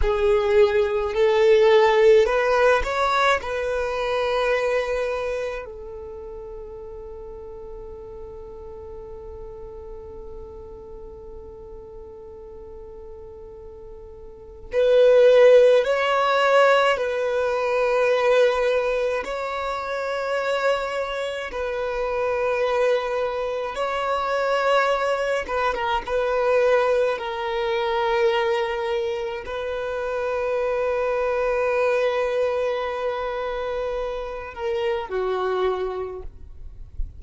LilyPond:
\new Staff \with { instrumentName = "violin" } { \time 4/4 \tempo 4 = 53 gis'4 a'4 b'8 cis''8 b'4~ | b'4 a'2.~ | a'1~ | a'4 b'4 cis''4 b'4~ |
b'4 cis''2 b'4~ | b'4 cis''4. b'16 ais'16 b'4 | ais'2 b'2~ | b'2~ b'8 ais'8 fis'4 | }